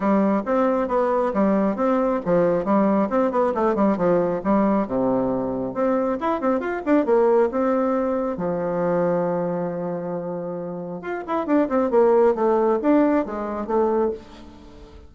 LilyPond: \new Staff \with { instrumentName = "bassoon" } { \time 4/4 \tempo 4 = 136 g4 c'4 b4 g4 | c'4 f4 g4 c'8 b8 | a8 g8 f4 g4 c4~ | c4 c'4 e'8 c'8 f'8 d'8 |
ais4 c'2 f4~ | f1~ | f4 f'8 e'8 d'8 c'8 ais4 | a4 d'4 gis4 a4 | }